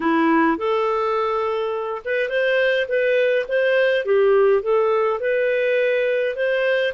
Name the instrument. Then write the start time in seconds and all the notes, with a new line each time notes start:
clarinet
0.00 E4
0.57 A4
2.05 B4
2.29 C5
2.88 B4
3.48 C5
4.05 G4
4.62 A4
5.20 B4
6.35 C5